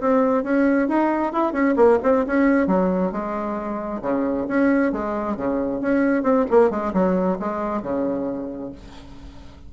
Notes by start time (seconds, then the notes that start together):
0.00 C4
0.44 C#4
0.88 D#4
1.32 E4
1.52 C#4
1.76 A#3
2.03 C4
2.27 C#4
2.67 F#3
3.12 G#3
4.02 C#3
4.48 C#4
4.92 G#3
5.36 C#3
5.81 C#4
6.23 C4
6.50 A#3
6.70 G#3
6.93 F#3
7.39 G#3
7.82 C#3